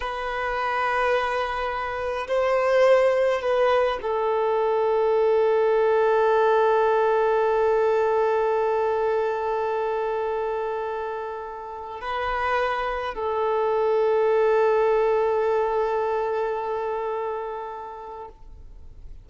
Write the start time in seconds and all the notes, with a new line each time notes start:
0.00 B4
2.27 C5
3.41 B4
4.02 A4
12.00 B4
13.14 A4